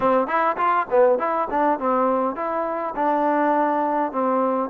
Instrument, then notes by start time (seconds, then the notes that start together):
trombone
0.00 C4
0.27 E4
0.56 F4
0.90 B3
1.18 E4
1.50 D4
1.79 C4
2.35 E4
2.95 D4
4.11 C4